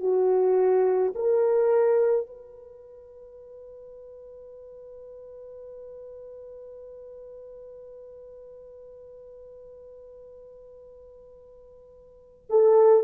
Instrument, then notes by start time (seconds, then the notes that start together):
horn
0.00 F#4
1.15 A#4
2.26 B4
12.49 A4